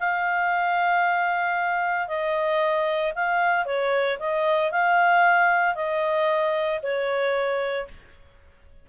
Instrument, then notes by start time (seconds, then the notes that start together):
clarinet
0.00 F5
2.08 D#5
3.15 F5
3.65 C#5
4.19 D#5
4.71 F5
5.75 D#5
6.83 C#5